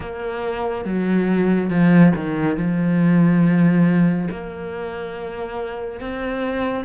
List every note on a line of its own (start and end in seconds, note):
0.00 0.85 A#3
0.85 1.69 F#3
1.69 2.12 F3
2.15 2.56 D#3
2.56 4.28 F3
4.31 6.00 A#3
6.00 6.85 C4